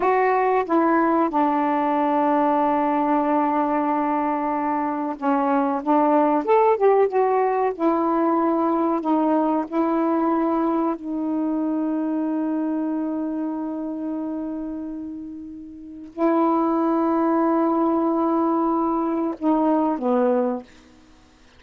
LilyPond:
\new Staff \with { instrumentName = "saxophone" } { \time 4/4 \tempo 4 = 93 fis'4 e'4 d'2~ | d'1 | cis'4 d'4 a'8 g'8 fis'4 | e'2 dis'4 e'4~ |
e'4 dis'2.~ | dis'1~ | dis'4 e'2.~ | e'2 dis'4 b4 | }